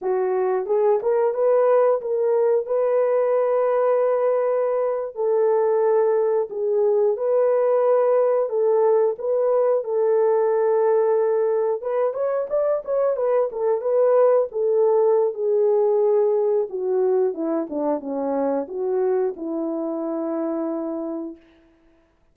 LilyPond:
\new Staff \with { instrumentName = "horn" } { \time 4/4 \tempo 4 = 90 fis'4 gis'8 ais'8 b'4 ais'4 | b'2.~ b'8. a'16~ | a'4.~ a'16 gis'4 b'4~ b'16~ | b'8. a'4 b'4 a'4~ a'16~ |
a'4.~ a'16 b'8 cis''8 d''8 cis''8 b'16~ | b'16 a'8 b'4 a'4~ a'16 gis'4~ | gis'4 fis'4 e'8 d'8 cis'4 | fis'4 e'2. | }